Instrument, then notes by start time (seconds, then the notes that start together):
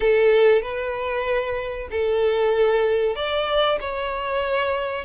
violin
0.00 A4
0.62 B4
1.90 A4
3.16 D5
3.80 C#5